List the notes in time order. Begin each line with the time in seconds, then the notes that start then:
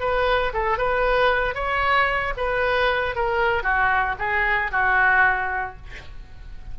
0.00 B4
0.54 A4
0.78 B4
1.55 C#5
2.37 B4
3.15 A#4
3.63 F#4
4.19 G#4
4.72 F#4